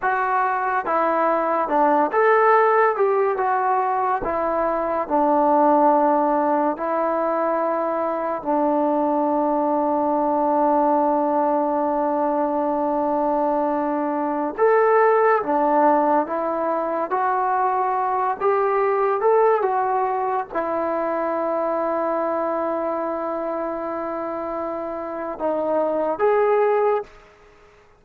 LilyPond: \new Staff \with { instrumentName = "trombone" } { \time 4/4 \tempo 4 = 71 fis'4 e'4 d'8 a'4 g'8 | fis'4 e'4 d'2 | e'2 d'2~ | d'1~ |
d'4~ d'16 a'4 d'4 e'8.~ | e'16 fis'4. g'4 a'8 fis'8.~ | fis'16 e'2.~ e'8.~ | e'2 dis'4 gis'4 | }